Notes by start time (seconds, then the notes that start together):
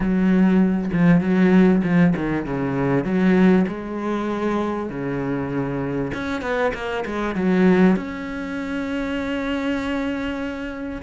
0.00 F#3
0.92 F3
1.20 F#3
1.83 F3
2.16 D#3
2.45 C#3
3.04 F#3
3.67 G#3
4.89 C#3
6.13 C#4
6.41 B3
6.73 A#3
7.05 G#3
7.35 F#3
7.96 C#4